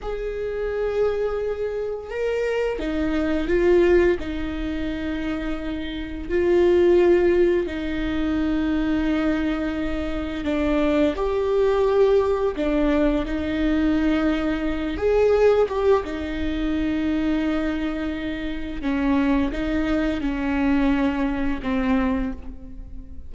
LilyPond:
\new Staff \with { instrumentName = "viola" } { \time 4/4 \tempo 4 = 86 gis'2. ais'4 | dis'4 f'4 dis'2~ | dis'4 f'2 dis'4~ | dis'2. d'4 |
g'2 d'4 dis'4~ | dis'4. gis'4 g'8 dis'4~ | dis'2. cis'4 | dis'4 cis'2 c'4 | }